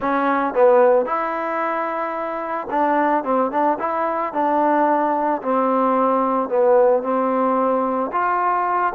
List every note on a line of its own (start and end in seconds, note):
0.00 0.54 C#4
0.54 1.05 B3
1.05 2.67 E4
2.70 3.24 D4
3.24 3.51 C4
3.51 3.78 D4
3.79 4.33 E4
4.33 5.41 D4
5.42 6.49 C4
6.49 7.02 B3
7.02 8.10 C4
8.12 8.93 F4